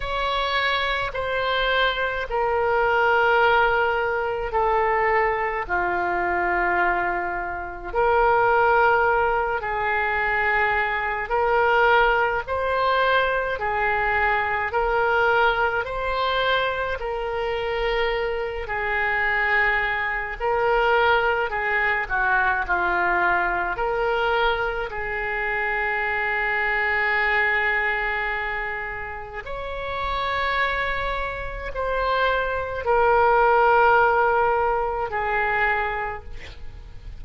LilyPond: \new Staff \with { instrumentName = "oboe" } { \time 4/4 \tempo 4 = 53 cis''4 c''4 ais'2 | a'4 f'2 ais'4~ | ais'8 gis'4. ais'4 c''4 | gis'4 ais'4 c''4 ais'4~ |
ais'8 gis'4. ais'4 gis'8 fis'8 | f'4 ais'4 gis'2~ | gis'2 cis''2 | c''4 ais'2 gis'4 | }